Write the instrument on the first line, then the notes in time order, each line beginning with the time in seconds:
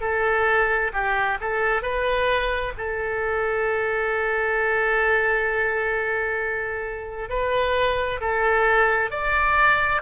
oboe
0.00 A4
0.93 G4
1.40 A4
1.82 B4
2.77 A4
7.29 B4
8.20 A4
9.10 D5